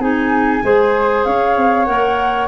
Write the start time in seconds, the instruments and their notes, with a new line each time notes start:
0.00 tuba C4, clarinet D#4, flute G#4 G#5
0.63 tuba G#3, clarinet G#4, flute C5
1.25 tuba C#4, flute C#5 F5
1.57 tuba C4
1.85 tuba A#3, clarinet A#4, flute F#5